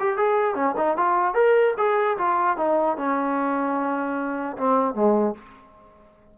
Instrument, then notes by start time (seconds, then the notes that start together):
trombone
0.00 G4
0.17 G#4
0.55 C#4
0.77 D#4
0.98 F4
1.35 A#4
1.78 G#4
2.18 F4
2.57 D#4
2.97 C#4
4.58 C4
4.95 G#3